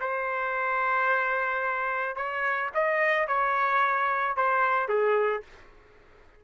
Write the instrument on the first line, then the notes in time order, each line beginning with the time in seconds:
trumpet
0.00 C5
2.16 C#5
2.74 D#5
3.27 C#5
4.36 C5
4.88 G#4